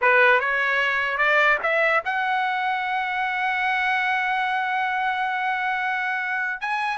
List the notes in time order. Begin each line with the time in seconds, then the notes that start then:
0.01 B4
0.40 C#5
1.17 D5
1.62 E5
2.04 F#5
6.61 G#5